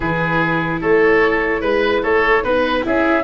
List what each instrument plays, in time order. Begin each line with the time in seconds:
0.00 tuba E3, viola E4, oboe G#4, flute B4
0.80 tuba A3, oboe A4, flute C#5
1.60 tuba G#3, oboe B4, flute B4
2.02 tuba A3, oboe A4, flute C#5
2.43 tuba B3, viola D#4, flute B4, oboe B4
2.83 tuba C#4, viola E4, oboe G#4, flute E5